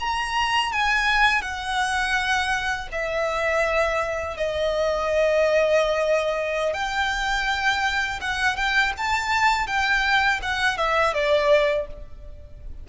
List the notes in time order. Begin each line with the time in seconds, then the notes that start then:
0.00 A#5
0.73 G#5
1.42 F#5
2.92 E5
4.37 D#5
6.74 G5
8.21 F#5
8.56 G5
8.98 A5
9.67 G5
10.43 F#5
10.77 E5
11.14 D5